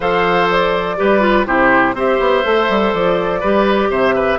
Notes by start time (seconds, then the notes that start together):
0.00 F3 A4 C5 F5
0.50 D5
0.97 G3 G4 B4
1.20 F4
1.46 C3 E4 G4 C5
1.93 C4 G4 C5 E5
2.19 B3
2.43 A3 A4
2.69 G3
2.93 F3 D5
3.40 G3 G4 B4
3.89 C3 C5 E5
4.15 B4